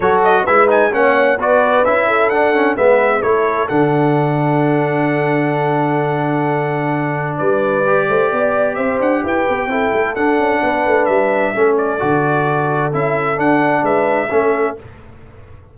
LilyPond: <<
  \new Staff \with { instrumentName = "trumpet" } { \time 4/4 \tempo 4 = 130 cis''8 dis''8 e''8 gis''8 fis''4 d''4 | e''4 fis''4 e''4 cis''4 | fis''1~ | fis''1 |
d''2. e''8 fis''8 | g''2 fis''2 | e''4. d''2~ d''8 | e''4 fis''4 e''2 | }
  \new Staff \with { instrumentName = "horn" } { \time 4/4 a'4 b'4 cis''4 b'4~ | b'8 a'4. b'4 a'4~ | a'1~ | a'1 |
b'4. c''8 d''4 c''4 | b'4 a'2 b'4~ | b'4 a'2.~ | a'2 b'4 a'4 | }
  \new Staff \with { instrumentName = "trombone" } { \time 4/4 fis'4 e'8 dis'8 cis'4 fis'4 | e'4 d'8 cis'8 b4 e'4 | d'1~ | d'1~ |
d'4 g'2.~ | g'4 e'4 d'2~ | d'4 cis'4 fis'2 | e'4 d'2 cis'4 | }
  \new Staff \with { instrumentName = "tuba" } { \time 4/4 fis4 gis4 ais4 b4 | cis'4 d'4 gis4 a4 | d1~ | d1 |
g4. a8 b4 c'8 d'8 | e'8 b8 c'8 a8 d'8 cis'8 b8 a8 | g4 a4 d2 | cis'4 d'4 gis4 a4 | }
>>